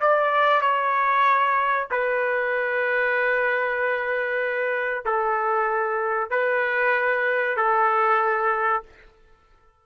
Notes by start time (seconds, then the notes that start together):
0.00 D5
0.61 C#5
1.91 B4
5.05 A4
6.30 B4
7.56 A4